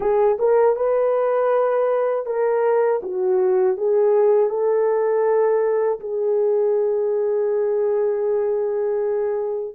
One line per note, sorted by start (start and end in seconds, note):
0.00 0.37 G#4
0.38 0.76 A#4
0.76 2.26 B4
2.26 3.01 A#4
3.02 3.77 F#4
3.77 4.49 G#4
4.49 5.99 A4
6.00 9.74 G#4